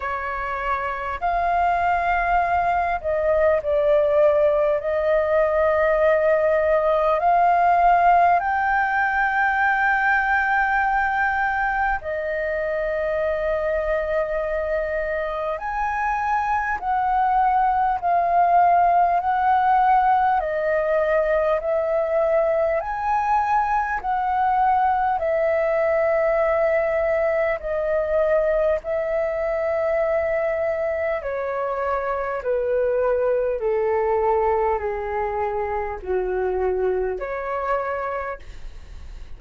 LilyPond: \new Staff \with { instrumentName = "flute" } { \time 4/4 \tempo 4 = 50 cis''4 f''4. dis''8 d''4 | dis''2 f''4 g''4~ | g''2 dis''2~ | dis''4 gis''4 fis''4 f''4 |
fis''4 dis''4 e''4 gis''4 | fis''4 e''2 dis''4 | e''2 cis''4 b'4 | a'4 gis'4 fis'4 cis''4 | }